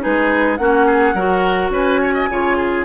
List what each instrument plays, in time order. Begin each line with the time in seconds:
0.00 bassoon G#3, clarinet D#4, oboe G#4, flute B4
0.56 bassoon A#3, clarinet C#4, oboe F#4, flute F#5
0.86 oboe G#4
1.14 bassoon F#3, clarinet F#4, oboe A#4
1.69 bassoon C#4, oboe B4
1.76 flute G#5
2.01 oboe C#5
2.14 oboe D#5
2.29 bassoon C#3, clarinet F4, oboe C#5
2.57 oboe G#4